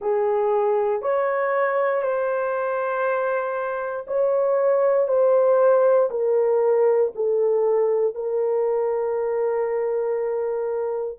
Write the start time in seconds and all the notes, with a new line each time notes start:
0.00 G#4
1.02 C#5
2.02 C5
4.07 C#5
5.08 C5
6.10 A#4
7.15 A4
8.14 A#4